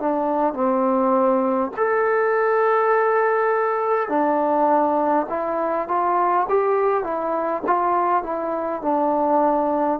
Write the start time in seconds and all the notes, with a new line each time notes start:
0.00 D4
0.54 C4
1.77 A4
4.09 D4
5.29 E4
5.88 F4
6.49 G4
7.04 E4
7.67 F4
8.24 E4
8.82 D4